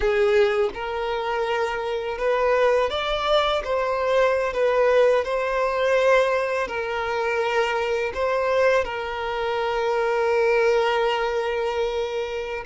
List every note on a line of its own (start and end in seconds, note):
0.00 0.69 G#4
0.74 2.18 A#4
2.18 2.89 B4
2.89 3.62 D5
3.64 4.53 C5
4.53 5.24 B4
5.24 6.67 C5
6.67 8.12 A#4
8.14 8.84 C5
8.84 12.63 A#4